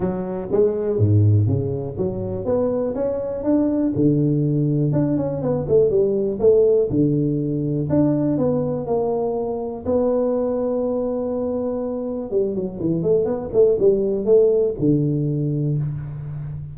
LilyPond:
\new Staff \with { instrumentName = "tuba" } { \time 4/4 \tempo 4 = 122 fis4 gis4 gis,4 cis4 | fis4 b4 cis'4 d'4 | d2 d'8 cis'8 b8 a8 | g4 a4 d2 |
d'4 b4 ais2 | b1~ | b4 g8 fis8 e8 a8 b8 a8 | g4 a4 d2 | }